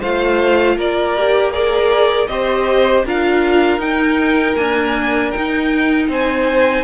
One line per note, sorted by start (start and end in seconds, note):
0.00 0.76 A3
0.00 1.17 F4
0.00 0.76 C5
0.00 0.78 F5
0.76 2.28 A#3
0.76 1.53 A#4
0.76 1.51 D5
1.17 1.52 G4
1.51 2.28 G#4
1.51 2.27 A#4
1.51 2.28 D5
2.27 3.04 C4
2.27 3.05 G4
2.27 3.06 C5
2.27 3.03 D#5
3.05 3.78 D4
3.05 3.79 F4
3.05 6.10 A#4
3.05 3.80 F5
3.78 4.54 D#4
3.78 4.55 D#4
3.78 4.56 G5
4.56 5.32 A#3
4.56 5.34 D4
4.56 5.31 G#5
5.31 6.84 D#4
5.31 6.08 D#4
5.31 6.07 G5
6.08 6.84 C4
6.08 6.84 C5
6.08 6.84 G#5